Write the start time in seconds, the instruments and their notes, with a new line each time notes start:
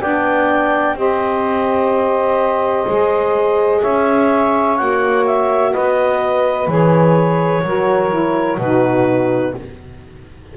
0.00 double bass B3, saxophone D4 D5, clarinet G5
0.95 double bass C4, saxophone G4 C5, clarinet D#5
2.87 double bass G#3, saxophone G#4
3.81 double bass C#4, saxophone C#5, clarinet E5
4.76 double bass A#3, saxophone F#4, clarinet F#5
5.26 clarinet E5
5.72 double bass B3, saxophone B4, clarinet D#5
6.67 double bass E3, saxophone G#4, clarinet C#5
7.63 double bass F#3, saxophone F#4 A#4
8.10 saxophone E4
8.58 double bass B2, saxophone D#4 F#4, clarinet B4